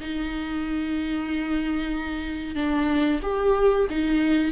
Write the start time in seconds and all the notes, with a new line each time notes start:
0.00 D#4
2.55 D4
3.22 G4
3.89 D#4